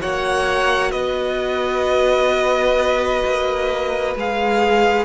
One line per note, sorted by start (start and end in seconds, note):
0.00 0.92 A#3
0.00 4.15 F#4
0.00 0.91 C#5
0.00 0.91 F#5
0.91 3.23 B3
0.91 5.04 B4
0.91 4.14 D#5
3.25 4.15 A#3
4.15 5.04 G#3
4.15 5.04 G#4
4.15 5.04 F5